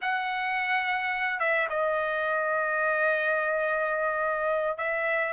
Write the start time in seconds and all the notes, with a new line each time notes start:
0.01 F#5
1.39 E5
1.69 D#5
4.77 E5